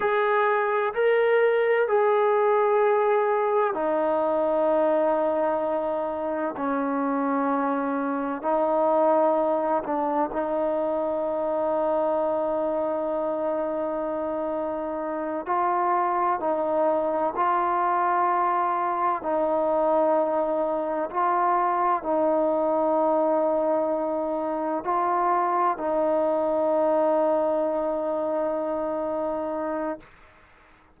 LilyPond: \new Staff \with { instrumentName = "trombone" } { \time 4/4 \tempo 4 = 64 gis'4 ais'4 gis'2 | dis'2. cis'4~ | cis'4 dis'4. d'8 dis'4~ | dis'1~ |
dis'8 f'4 dis'4 f'4.~ | f'8 dis'2 f'4 dis'8~ | dis'2~ dis'8 f'4 dis'8~ | dis'1 | }